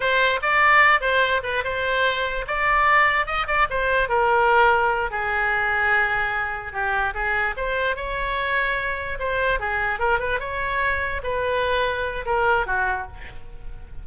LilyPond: \new Staff \with { instrumentName = "oboe" } { \time 4/4 \tempo 4 = 147 c''4 d''4. c''4 b'8 | c''2 d''2 | dis''8 d''8 c''4 ais'2~ | ais'8 gis'2.~ gis'8~ |
gis'8 g'4 gis'4 c''4 cis''8~ | cis''2~ cis''8 c''4 gis'8~ | gis'8 ais'8 b'8 cis''2 b'8~ | b'2 ais'4 fis'4 | }